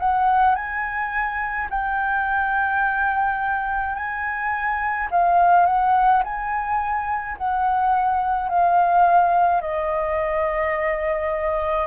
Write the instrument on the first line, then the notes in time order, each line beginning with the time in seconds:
flute
0.00 F#5
0.56 G#5
1.70 G5
3.96 G#5
5.11 F5
5.67 F#5
6.24 G#5
7.38 F#5
8.49 F5
9.62 D#5